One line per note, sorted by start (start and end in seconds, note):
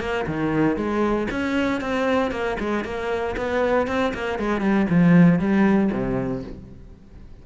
0.00 0.26 A#3
0.27 0.76 D#3
0.76 1.28 G#3
1.31 1.81 C#4
1.81 2.31 C4
2.31 2.57 A#3
2.60 2.85 G#3
2.85 3.36 A#3
3.37 3.87 B3
3.87 4.13 C4
4.14 4.39 A#3
4.39 4.61 G#3
4.61 4.86 G3
4.90 5.39 F3
5.39 5.91 G3
5.92 6.43 C3